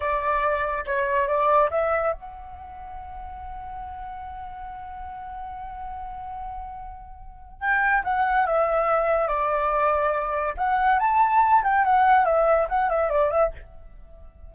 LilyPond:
\new Staff \with { instrumentName = "flute" } { \time 4/4 \tempo 4 = 142 d''2 cis''4 d''4 | e''4 fis''2.~ | fis''1~ | fis''1~ |
fis''2 g''4 fis''4 | e''2 d''2~ | d''4 fis''4 a''4. g''8 | fis''4 e''4 fis''8 e''8 d''8 e''8 | }